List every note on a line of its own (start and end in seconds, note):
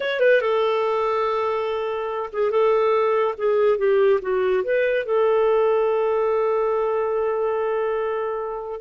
0.00 0.20 C#5
0.20 0.41 B4
0.41 2.30 A4
2.32 2.50 G#4
2.50 3.34 A4
3.37 3.78 G#4
3.78 4.20 G4
4.21 4.63 F#4
4.63 5.05 B4
5.05 8.80 A4